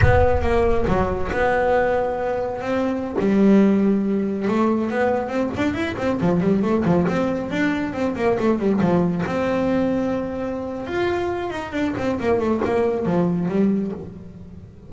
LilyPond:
\new Staff \with { instrumentName = "double bass" } { \time 4/4 \tempo 4 = 138 b4 ais4 fis4 b4~ | b2 c'4~ c'16 g8.~ | g2~ g16 a4 b8.~ | b16 c'8 d'8 e'8 c'8 f8 g8 a8 f16~ |
f16 c'4 d'4 c'8 ais8 a8 g16~ | g16 f4 c'2~ c'8.~ | c'4 f'4. dis'8 d'8 c'8 | ais8 a8 ais4 f4 g4 | }